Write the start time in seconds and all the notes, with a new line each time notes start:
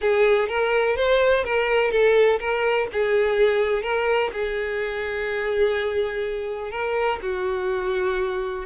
0.01 G#4
0.48 A#4
0.96 C5
1.44 A#4
1.91 A4
2.39 A#4
2.92 G#4
3.82 A#4
4.32 G#4
6.71 A#4
7.22 F#4